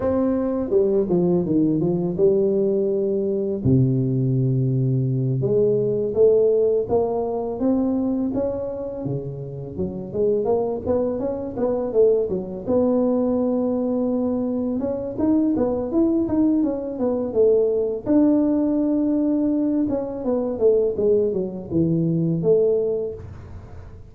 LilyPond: \new Staff \with { instrumentName = "tuba" } { \time 4/4 \tempo 4 = 83 c'4 g8 f8 dis8 f8 g4~ | g4 c2~ c8 gis8~ | gis8 a4 ais4 c'4 cis'8~ | cis'8 cis4 fis8 gis8 ais8 b8 cis'8 |
b8 a8 fis8 b2~ b8~ | b8 cis'8 dis'8 b8 e'8 dis'8 cis'8 b8 | a4 d'2~ d'8 cis'8 | b8 a8 gis8 fis8 e4 a4 | }